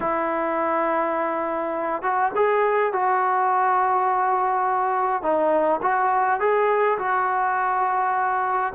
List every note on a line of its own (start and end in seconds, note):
0.00 2.02 E4
2.02 2.31 F#4
2.35 2.92 G#4
2.92 5.22 F#4
5.22 5.80 D#4
5.81 6.39 F#4
6.39 6.98 G#4
6.98 8.73 F#4